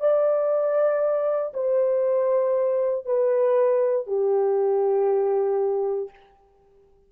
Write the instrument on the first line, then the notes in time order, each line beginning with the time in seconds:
horn
0.00 D5
1.53 C5
3.06 B4
4.07 G4